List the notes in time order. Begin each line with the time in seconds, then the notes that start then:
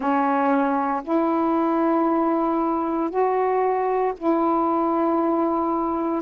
0.00 C#4
1.03 E4
3.09 F#4
4.17 E4